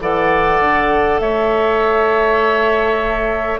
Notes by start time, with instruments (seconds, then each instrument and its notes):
0.00 bassoon E3, clarinet A4, oboe D5, flute F#5
0.60 bassoon D3
1.19 bassoon A3, oboe C#5, flute E5